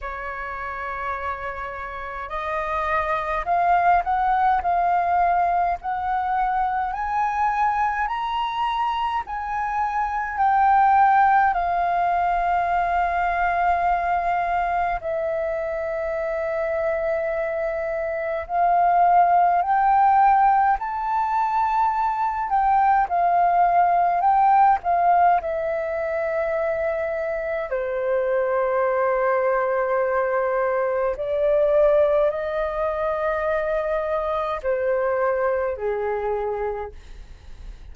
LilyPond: \new Staff \with { instrumentName = "flute" } { \time 4/4 \tempo 4 = 52 cis''2 dis''4 f''8 fis''8 | f''4 fis''4 gis''4 ais''4 | gis''4 g''4 f''2~ | f''4 e''2. |
f''4 g''4 a''4. g''8 | f''4 g''8 f''8 e''2 | c''2. d''4 | dis''2 c''4 gis'4 | }